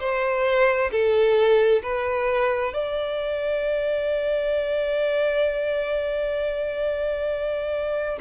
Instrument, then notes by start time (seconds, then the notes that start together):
violin
0.00 C5
0.92 A4
1.83 B4
2.74 D5